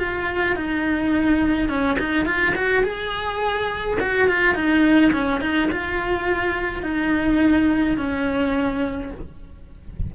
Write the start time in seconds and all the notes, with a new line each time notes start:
0.00 F4
0.57 D#4
1.69 C#4
1.99 D#4
2.26 F4
2.56 F#4
2.84 G#4
4.01 F#4
4.28 F4
4.55 D#4
5.13 C#4
5.41 D#4
5.72 F4
6.83 D#4
7.98 C#4